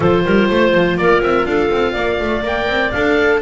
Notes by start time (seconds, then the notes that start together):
0.00 F3 F4 A4 C5
0.25 G3 A#4
0.49 A3 C5
0.74 F3
0.97 A#3 A#4 D5
1.22 C4 E5
1.45 D4 A4 F5
1.71 C4
1.91 A#3 D5
2.20 A3
2.42 A#3 A#4 G5
2.67 C4
2.91 D4 A4 F5